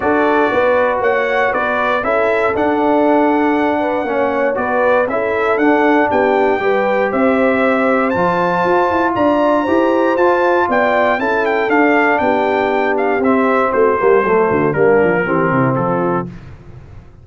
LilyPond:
<<
  \new Staff \with { instrumentName = "trumpet" } { \time 4/4 \tempo 4 = 118 d''2 fis''4 d''4 | e''4 fis''2.~ | fis''4 d''4 e''4 fis''4 | g''2 e''2 |
a''2 ais''2 | a''4 g''4 a''8 g''8 f''4 | g''4. f''8 e''4 c''4~ | c''4 ais'2 a'4 | }
  \new Staff \with { instrumentName = "horn" } { \time 4/4 a'4 b'4 cis''4 b'4 | a'2.~ a'8 b'8 | cis''4 b'4 a'2 | g'4 b'4 c''2~ |
c''2 d''4 c''4~ | c''4 d''4 a'2 | g'2. fis'8 g'8 | a'8 fis'8 d'4 g'8 e'8 f'4 | }
  \new Staff \with { instrumentName = "trombone" } { \time 4/4 fis'1 | e'4 d'2. | cis'4 fis'4 e'4 d'4~ | d'4 g'2. |
f'2. g'4 | f'2 e'4 d'4~ | d'2 c'4. ais8 | a4 ais4 c'2 | }
  \new Staff \with { instrumentName = "tuba" } { \time 4/4 d'4 b4 ais4 b4 | cis'4 d'2. | ais4 b4 cis'4 d'4 | b4 g4 c'2 |
f4 f'8 e'8 d'4 e'4 | f'4 b4 cis'4 d'4 | b2 c'4 a8 g8 | fis8 d8 g8 f8 e8 c8 f4 | }
>>